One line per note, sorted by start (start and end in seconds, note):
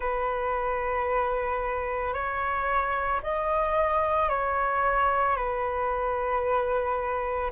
0.00 2.13 B4
2.13 3.20 C#5
3.22 4.29 D#5
4.29 5.36 C#5
5.36 7.50 B4